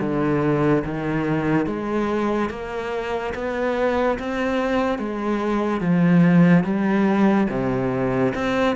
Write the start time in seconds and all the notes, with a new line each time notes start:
0.00 D3
0.84 D#3
1.66 G#3
2.50 A#3
3.35 B3
4.19 C4
4.98 G#3
5.80 F3
6.64 G3
7.50 C3
8.35 C4